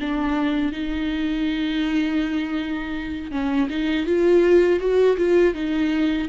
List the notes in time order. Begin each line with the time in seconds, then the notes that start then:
0.00 D4
0.72 D#4
3.31 C#4
3.70 D#4
4.06 F4
4.80 F#4
5.17 F4
5.55 D#4